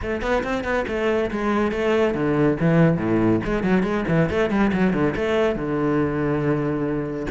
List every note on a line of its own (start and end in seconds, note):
0.01 0.21 A3
0.21 0.43 B3
0.43 0.64 C4
0.64 0.85 B3
0.87 1.30 A3
1.30 1.71 G#3
1.71 2.14 A3
2.14 2.57 D3
2.59 2.97 E3
2.97 3.40 A2
3.44 3.63 G#3
3.63 3.83 F#3
3.83 4.04 G#3
4.08 4.29 E3
4.29 4.50 A3
4.50 4.71 G3
4.73 4.93 F#3
4.93 5.14 D3
5.15 5.55 A3
5.55 7.26 D3